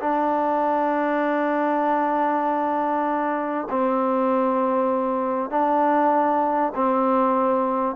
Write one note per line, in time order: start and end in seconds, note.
0.00 3.67 D4
3.70 5.50 C4
5.50 6.72 D4
6.75 7.95 C4